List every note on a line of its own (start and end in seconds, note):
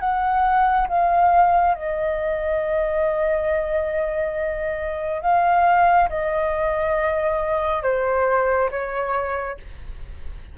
0.00 0.87 F#5
0.88 1.74 F5
1.74 5.22 D#5
5.22 6.09 F5
6.09 7.83 D#5
7.83 8.70 C5
8.71 9.58 C#5